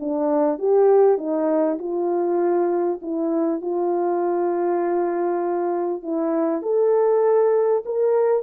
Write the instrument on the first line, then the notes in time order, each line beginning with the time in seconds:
horn
0.00 D4
0.59 G4
1.18 D#4
1.79 F4
3.02 E4
3.61 F4
6.03 E4
6.63 A4
7.86 A#4